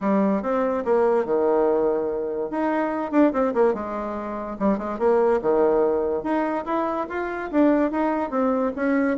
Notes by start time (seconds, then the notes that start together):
0.00 G3
0.42 C4
0.84 A#3
1.25 D#3
2.50 D#4
3.11 D4
3.33 C4
3.54 A#3
3.74 G#3
4.59 G3
4.77 G#3
4.98 A#3
5.41 D#3
6.23 D#4
6.65 E4
7.09 F4
7.51 D4
7.91 D#4
8.30 C4
8.76 C#4